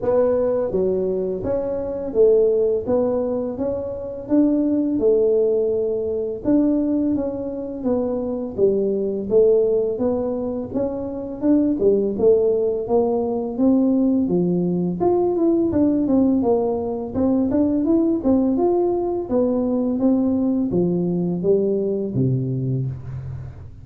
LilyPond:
\new Staff \with { instrumentName = "tuba" } { \time 4/4 \tempo 4 = 84 b4 fis4 cis'4 a4 | b4 cis'4 d'4 a4~ | a4 d'4 cis'4 b4 | g4 a4 b4 cis'4 |
d'8 g8 a4 ais4 c'4 | f4 f'8 e'8 d'8 c'8 ais4 | c'8 d'8 e'8 c'8 f'4 b4 | c'4 f4 g4 c4 | }